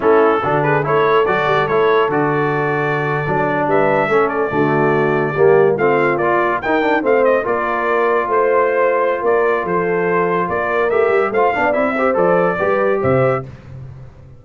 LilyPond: <<
  \new Staff \with { instrumentName = "trumpet" } { \time 4/4 \tempo 4 = 143 a'4. b'8 cis''4 d''4 | cis''4 d''2.~ | d''8. e''4. d''4.~ d''16~ | d''4.~ d''16 f''4 d''4 g''16~ |
g''8. f''8 dis''8 d''2 c''16~ | c''2 d''4 c''4~ | c''4 d''4 e''4 f''4 | e''4 d''2 e''4 | }
  \new Staff \with { instrumentName = "horn" } { \time 4/4 e'4 fis'8 gis'8 a'2~ | a'1~ | a'8. b'4 a'4 fis'4~ fis'16~ | fis'8. g'4 f'2 ais'16~ |
ais'8. c''4 ais'2 c''16~ | c''2 ais'4 a'4~ | a'4 ais'2 c''8 d''8~ | d''8 c''4. b'4 c''4 | }
  \new Staff \with { instrumentName = "trombone" } { \time 4/4 cis'4 d'4 e'4 fis'4 | e'4 fis'2~ fis'8. d'16~ | d'4.~ d'16 cis'4 a4~ a16~ | a8. ais4 c'4 f'4 dis'16~ |
dis'16 d'8 c'4 f'2~ f'16~ | f'1~ | f'2 g'4 f'8 d'8 | e'8 g'8 a'4 g'2 | }
  \new Staff \with { instrumentName = "tuba" } { \time 4/4 a4 d4 a4 fis8 g8 | a4 d2~ d8. fis16~ | fis8. g4 a4 d4~ d16~ | d8. g4 a4 ais4 dis'16~ |
dis'8. a4 ais2 a16~ | a2 ais4 f4~ | f4 ais4 a8 g8 a8 b8 | c'4 f4 g4 c4 | }
>>